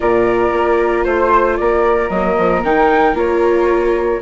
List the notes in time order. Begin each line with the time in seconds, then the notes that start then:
0.00 A#2 F4 A#4 D5
0.52 A#3
1.04 A3 C5
1.56 A#3 A#4 D5
2.09 F#3 A#3 D#5
2.37 F3
2.63 D#3 D#4 G5
3.13 A#3 F4 C#5